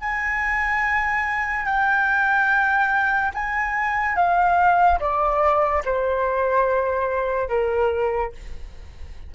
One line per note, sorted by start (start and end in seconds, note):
0.00 1.65 G#5
1.65 3.32 G5
3.34 4.16 G#5
4.16 4.99 F5
5.00 5.83 D5
5.84 7.48 C5
7.48 8.32 A#4